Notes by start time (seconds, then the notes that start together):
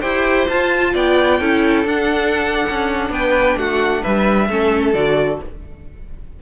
0.00 E4 G4 C5 G5
0.48 F4 A5
0.94 B3 D5 G5
1.40 C#4 E4 A4
1.84 D4 F#5
2.70 C#4
3.10 B3 B4 G5
3.56 A3 F#4 F#5
4.02 G3 B4 E5
4.49 A3 C#4 A4
4.93 D3 F#4 D5